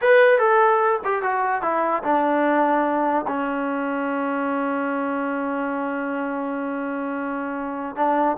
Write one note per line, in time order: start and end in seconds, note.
0.01 0.39 B4
0.39 1.00 A4
1.04 1.22 G4
1.22 1.62 F#4
1.62 2.02 E4
2.03 3.25 D4
3.27 7.96 C#4
7.96 8.36 D4